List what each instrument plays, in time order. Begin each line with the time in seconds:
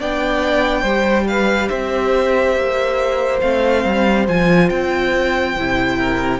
0.00 cello B3, viola D4, violin D5 G5
0.82 cello G3, viola G4, violin C5
1.28 violin B4 F5
1.69 cello C4, violin C5 E5
2.56 cello A#3
3.41 cello A3, viola C4, violin F5
3.85 cello G3
4.27 cello F3, viola F4, violin G#5
4.70 cello C4, violin G5
5.57 cello C3, viola E4
5.98 violin A#4